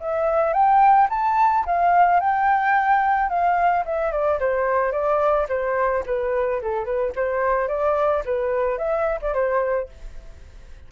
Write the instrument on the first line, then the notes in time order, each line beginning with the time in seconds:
flute
0.00 E5
0.53 G5
1.10 A5
1.66 F5
2.20 G5
3.30 F5
3.86 E5
4.12 D5
4.40 C5
4.92 D5
5.49 C5
6.06 B4
6.62 A4
6.85 B4
7.16 C5
7.68 D5
8.25 B4
8.78 E5
9.22 D5
9.34 C5